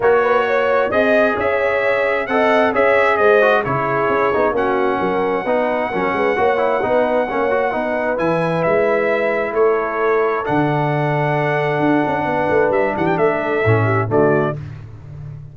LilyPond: <<
  \new Staff \with { instrumentName = "trumpet" } { \time 4/4 \tempo 4 = 132 cis''2 dis''4 e''4~ | e''4 fis''4 e''4 dis''4 | cis''2 fis''2~ | fis''1~ |
fis''2 gis''4 e''4~ | e''4 cis''2 fis''4~ | fis''1 | e''8 fis''16 g''16 e''2 d''4 | }
  \new Staff \with { instrumentName = "horn" } { \time 4/4 ais'8 b'8 cis''4 dis''4 cis''4~ | cis''4 dis''4 cis''4 c''4 | gis'2 fis'4 ais'4 | b'4 ais'8 b'8 cis''4 b'4 |
cis''4 b'2.~ | b'4 a'2.~ | a'2. b'4~ | b'8 g'8 a'4. g'8 fis'4 | }
  \new Staff \with { instrumentName = "trombone" } { \time 4/4 fis'2 gis'2~ | gis'4 a'4 gis'4. fis'8 | e'4. dis'8 cis'2 | dis'4 cis'4 fis'8 e'8 dis'4 |
cis'8 fis'8 dis'4 e'2~ | e'2. d'4~ | d'1~ | d'2 cis'4 a4 | }
  \new Staff \with { instrumentName = "tuba" } { \time 4/4 ais2 c'4 cis'4~ | cis'4 c'4 cis'4 gis4 | cis4 cis'8 b8 ais4 fis4 | b4 fis8 gis8 ais4 b4 |
ais4 b4 e4 gis4~ | gis4 a2 d4~ | d2 d'8 cis'8 b8 a8 | g8 e8 a4 a,4 d4 | }
>>